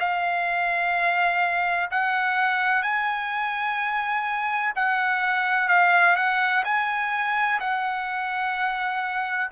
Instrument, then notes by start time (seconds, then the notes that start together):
trumpet
0.00 F5
1.91 F#5
2.83 G#5
4.76 F#5
5.69 F5
6.16 F#5
6.65 G#5
7.61 F#5